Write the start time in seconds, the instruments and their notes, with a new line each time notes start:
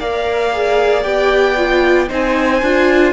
0.00 cello A#3, viola A#4, violin D5 F5
0.54 viola G#4
1.04 cello B3, viola G4, violin G5
1.57 viola F4
2.09 cello C4, viola D#4, violin C5 G#5
2.62 cello D4, viola F4